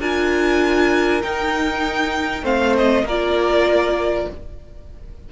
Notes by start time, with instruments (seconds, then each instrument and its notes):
0.00 cello D4, viola F4, violin A#4 G#5
1.22 viola D#4, cello D#4, violin G5
2.43 cello A3, viola C4, violin C5 F5
2.77 violin D#5
3.03 cello A#3, violin A#4 D5
3.10 viola F4